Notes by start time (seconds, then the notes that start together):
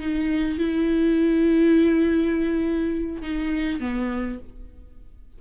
0.00 D#4
0.59 E4
3.22 D#4
3.80 B3